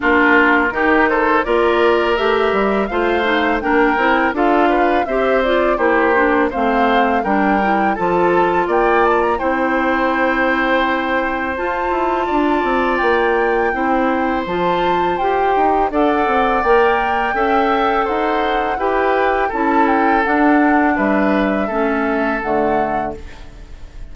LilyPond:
<<
  \new Staff \with { instrumentName = "flute" } { \time 4/4 \tempo 4 = 83 ais'4. c''8 d''4 e''4 | f''4 g''4 f''4 e''8 d''8 | c''4 f''4 g''4 a''4 | g''8 a''16 ais''16 g''2. |
a''2 g''2 | a''4 g''4 fis''4 g''4~ | g''4 fis''4 g''4 a''8 g''8 | fis''4 e''2 fis''4 | }
  \new Staff \with { instrumentName = "oboe" } { \time 4/4 f'4 g'8 a'8 ais'2 | c''4 ais'4 a'8 b'8 c''4 | g'4 c''4 ais'4 a'4 | d''4 c''2.~ |
c''4 d''2 c''4~ | c''2 d''2 | e''4 c''4 b'4 a'4~ | a'4 b'4 a'2 | }
  \new Staff \with { instrumentName = "clarinet" } { \time 4/4 d'4 dis'4 f'4 g'4 | f'8 dis'8 d'8 e'8 f'4 g'8 f'8 | e'8 d'8 c'4 d'8 e'8 f'4~ | f'4 e'2. |
f'2. e'4 | f'4 g'4 a'4 ais'4 | a'2 g'4 e'4 | d'2 cis'4 a4 | }
  \new Staff \with { instrumentName = "bassoon" } { \time 4/4 ais4 dis4 ais4 a8 g8 | a4 ais8 c'8 d'4 c'4 | ais4 a4 g4 f4 | ais4 c'2. |
f'8 e'8 d'8 c'8 ais4 c'4 | f4 f'8 dis'8 d'8 c'8 ais4 | cis'4 dis'4 e'4 cis'4 | d'4 g4 a4 d4 | }
>>